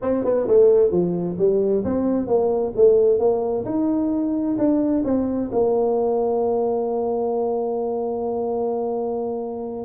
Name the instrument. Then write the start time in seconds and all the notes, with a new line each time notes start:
tuba
0.01 C4
0.24 B3
0.47 A3
0.91 F3
1.38 G3
1.84 C4
2.27 A#3
2.76 A3
3.19 A#3
3.65 D#4
4.58 D4
5.04 C4
5.51 A#3